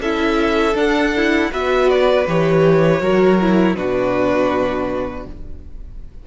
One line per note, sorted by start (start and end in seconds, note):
0.00 0.75 C#4
0.00 0.75 E4
0.00 1.51 A4
0.00 0.77 E5
0.75 1.12 D4
0.75 1.50 D4
0.75 1.52 F#5
1.16 1.52 E4
1.52 2.27 B3
1.52 2.27 F#4
1.52 3.02 B4
1.52 1.90 E5
1.90 2.27 D5
2.27 3.01 E3
2.27 3.01 G4
2.27 3.76 C#5
3.01 3.76 F#3
3.01 3.39 F#4
3.01 3.77 A#4
3.40 3.77 E4
3.76 5.26 B2
3.76 5.27 D4
3.76 5.27 F#4
3.76 5.26 B4